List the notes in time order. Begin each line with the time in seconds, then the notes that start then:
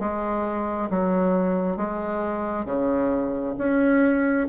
0.00 G#3
0.90 F#3
1.77 G#3
2.66 C#3
3.58 C#4